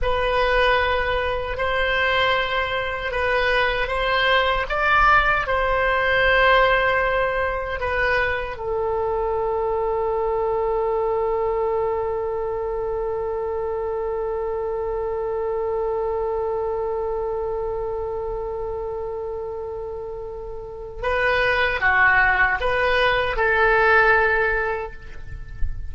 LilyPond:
\new Staff \with { instrumentName = "oboe" } { \time 4/4 \tempo 4 = 77 b'2 c''2 | b'4 c''4 d''4 c''4~ | c''2 b'4 a'4~ | a'1~ |
a'1~ | a'1~ | a'2. b'4 | fis'4 b'4 a'2 | }